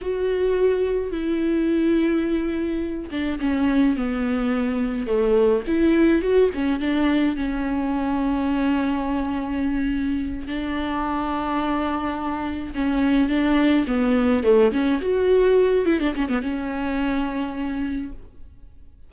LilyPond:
\new Staff \with { instrumentName = "viola" } { \time 4/4 \tempo 4 = 106 fis'2 e'2~ | e'4. d'8 cis'4 b4~ | b4 a4 e'4 fis'8 cis'8 | d'4 cis'2.~ |
cis'2~ cis'8 d'4.~ | d'2~ d'8 cis'4 d'8~ | d'8 b4 a8 cis'8 fis'4. | e'16 d'16 cis'16 b16 cis'2. | }